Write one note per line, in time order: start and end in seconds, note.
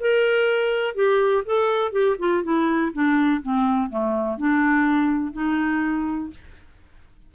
0.00 0.95 A#4
0.95 1.43 G4
1.45 1.92 A4
1.92 2.16 G4
2.18 2.43 F4
2.43 2.92 E4
2.92 3.41 D4
3.41 3.89 C4
3.89 4.37 A3
4.37 5.33 D4
5.33 6.30 D#4